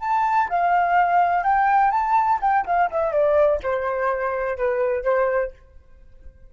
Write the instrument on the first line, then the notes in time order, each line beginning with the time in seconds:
flute
0.00 A5
0.49 F5
1.43 G5
1.91 A5
2.41 G5
2.66 F5
2.90 E5
3.12 D5
3.62 C5
4.57 B4
5.03 C5